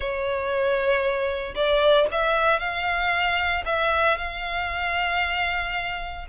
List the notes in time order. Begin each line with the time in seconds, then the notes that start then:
0.00 C#5
1.55 D5
2.11 E5
2.59 F5
3.65 E5
4.17 F5